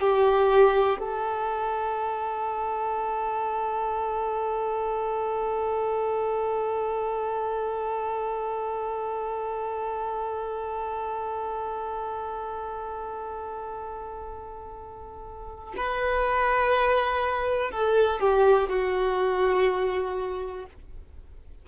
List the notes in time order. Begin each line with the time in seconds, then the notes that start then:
0.00 G4
0.99 A4
15.77 B4
17.71 A4
18.20 G4
18.69 F#4